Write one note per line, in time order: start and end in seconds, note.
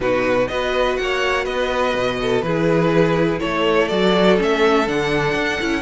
0.00 0.48 B2
0.00 0.49 D#4
0.00 0.49 F#4
0.00 0.47 B4
0.47 0.98 B3
0.47 2.44 F#4
0.47 0.99 B4
0.47 0.96 D#5
0.96 1.45 A#3
0.96 1.45 F#5
1.02 1.44 C#5
1.44 1.94 B3
1.44 2.17 B4
1.44 2.41 D#5
1.94 2.42 B2
2.21 2.45 A4
2.41 3.39 E3
2.41 3.89 E4
2.41 3.40 G#4
2.41 3.39 B4
3.40 3.91 A3
3.40 5.82 A4
3.40 3.88 C#5
3.88 4.39 F#3
3.88 4.37 F#4
3.88 4.36 D5
4.37 4.87 A3
4.37 4.86 C#4
4.37 4.88 E5
4.87 5.34 D3
4.87 5.60 D4
4.87 5.82 F#5
5.34 5.59 D4
5.60 5.82 C#4
5.60 5.82 E4